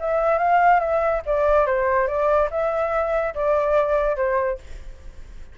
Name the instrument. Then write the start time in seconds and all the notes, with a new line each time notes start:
flute
0.00 E5
0.39 F5
0.80 E5
1.26 D5
1.67 C5
2.08 D5
2.51 E5
3.35 D5
4.17 C5